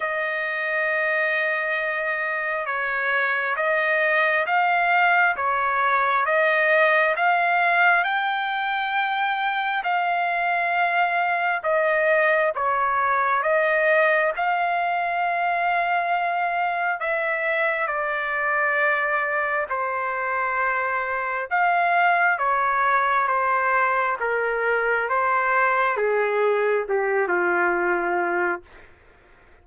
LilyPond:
\new Staff \with { instrumentName = "trumpet" } { \time 4/4 \tempo 4 = 67 dis''2. cis''4 | dis''4 f''4 cis''4 dis''4 | f''4 g''2 f''4~ | f''4 dis''4 cis''4 dis''4 |
f''2. e''4 | d''2 c''2 | f''4 cis''4 c''4 ais'4 | c''4 gis'4 g'8 f'4. | }